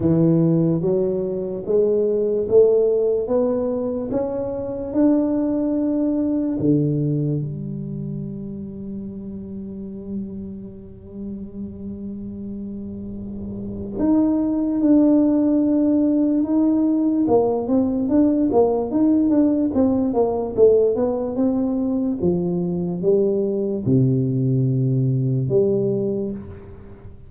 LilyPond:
\new Staff \with { instrumentName = "tuba" } { \time 4/4 \tempo 4 = 73 e4 fis4 gis4 a4 | b4 cis'4 d'2 | d4 g2.~ | g1~ |
g4 dis'4 d'2 | dis'4 ais8 c'8 d'8 ais8 dis'8 d'8 | c'8 ais8 a8 b8 c'4 f4 | g4 c2 g4 | }